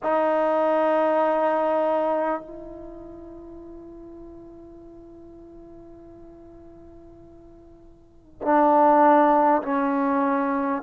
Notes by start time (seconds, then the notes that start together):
0.03 D#4
2.41 E4
8.42 D4
9.62 C#4